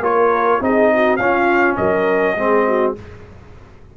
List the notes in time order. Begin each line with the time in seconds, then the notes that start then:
0.00 A#3 F4 A#4 C#5
0.60 C4 D#4 G#4 D#5
0.94 F#4
1.17 C#4 F4 F5
1.77 F#3 A#4 D#5
2.36 G#3 C4 G#4
2.68 F#4